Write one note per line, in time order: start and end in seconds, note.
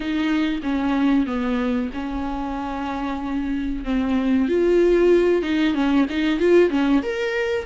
0.00 0.60 D#4
0.62 1.26 C#4
1.26 1.90 B3
1.93 3.84 C#4
3.84 4.48 C4
4.48 5.42 F4
5.42 5.74 D#4
5.74 6.06 C#4
6.09 6.39 D#4
6.39 6.70 F4
6.70 7.02 C#4
7.02 7.65 A#4